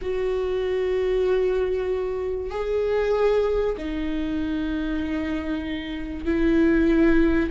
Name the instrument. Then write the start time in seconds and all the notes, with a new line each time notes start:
viola
0.01 F#4
2.50 G#4
3.77 D#4
6.25 E4